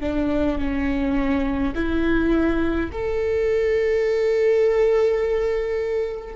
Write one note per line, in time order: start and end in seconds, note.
0.00 0.58 D4
0.58 1.73 C#4
1.75 2.90 E4
2.92 6.36 A4